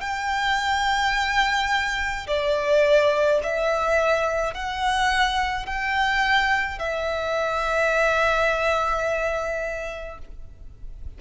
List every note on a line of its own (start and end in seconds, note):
0.00 2.26 G5
2.27 3.40 D5
3.43 4.54 E5
4.54 5.66 F#5
5.66 6.79 G5
6.79 10.18 E5